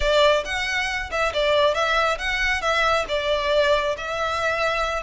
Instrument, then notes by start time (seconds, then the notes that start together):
violin
0.00 D5
0.44 F#5
1.11 E5
1.33 D5
1.74 E5
2.18 F#5
2.61 E5
3.08 D5
3.97 E5